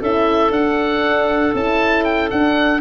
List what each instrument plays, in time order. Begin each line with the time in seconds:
0.00 tuba C#4, horn E4, clarinet A4, oboe E5
0.50 tuba D4, horn D4, oboe F#5
1.54 tuba C#4, horn E4, oboe A5
2.04 oboe G5
2.30 horn D4, tuba D4, oboe F#5